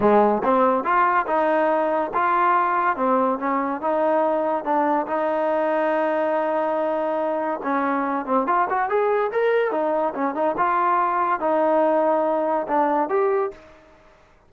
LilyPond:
\new Staff \with { instrumentName = "trombone" } { \time 4/4 \tempo 4 = 142 gis4 c'4 f'4 dis'4~ | dis'4 f'2 c'4 | cis'4 dis'2 d'4 | dis'1~ |
dis'2 cis'4. c'8 | f'8 fis'8 gis'4 ais'4 dis'4 | cis'8 dis'8 f'2 dis'4~ | dis'2 d'4 g'4 | }